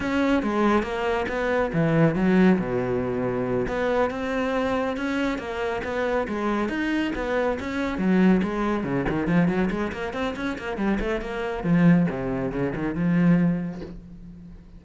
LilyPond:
\new Staff \with { instrumentName = "cello" } { \time 4/4 \tempo 4 = 139 cis'4 gis4 ais4 b4 | e4 fis4 b,2~ | b,8 b4 c'2 cis'8~ | cis'8 ais4 b4 gis4 dis'8~ |
dis'8 b4 cis'4 fis4 gis8~ | gis8 cis8 dis8 f8 fis8 gis8 ais8 c'8 | cis'8 ais8 g8 a8 ais4 f4 | c4 cis8 dis8 f2 | }